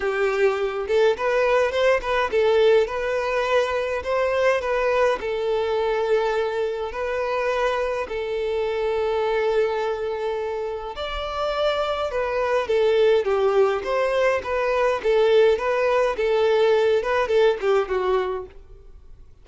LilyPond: \new Staff \with { instrumentName = "violin" } { \time 4/4 \tempo 4 = 104 g'4. a'8 b'4 c''8 b'8 | a'4 b'2 c''4 | b'4 a'2. | b'2 a'2~ |
a'2. d''4~ | d''4 b'4 a'4 g'4 | c''4 b'4 a'4 b'4 | a'4. b'8 a'8 g'8 fis'4 | }